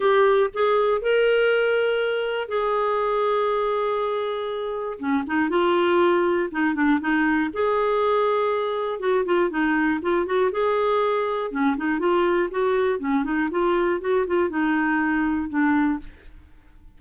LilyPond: \new Staff \with { instrumentName = "clarinet" } { \time 4/4 \tempo 4 = 120 g'4 gis'4 ais'2~ | ais'4 gis'2.~ | gis'2 cis'8 dis'8 f'4~ | f'4 dis'8 d'8 dis'4 gis'4~ |
gis'2 fis'8 f'8 dis'4 | f'8 fis'8 gis'2 cis'8 dis'8 | f'4 fis'4 cis'8 dis'8 f'4 | fis'8 f'8 dis'2 d'4 | }